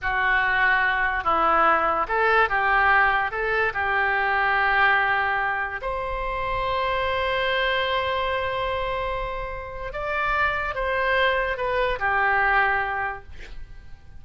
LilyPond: \new Staff \with { instrumentName = "oboe" } { \time 4/4 \tempo 4 = 145 fis'2. e'4~ | e'4 a'4 g'2 | a'4 g'2.~ | g'2 c''2~ |
c''1~ | c''1 | d''2 c''2 | b'4 g'2. | }